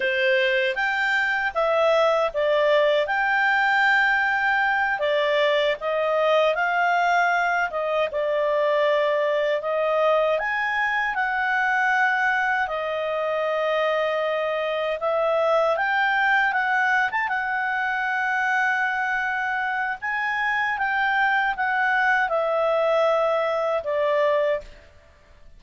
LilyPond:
\new Staff \with { instrumentName = "clarinet" } { \time 4/4 \tempo 4 = 78 c''4 g''4 e''4 d''4 | g''2~ g''8 d''4 dis''8~ | dis''8 f''4. dis''8 d''4.~ | d''8 dis''4 gis''4 fis''4.~ |
fis''8 dis''2. e''8~ | e''8 g''4 fis''8. a''16 fis''4.~ | fis''2 gis''4 g''4 | fis''4 e''2 d''4 | }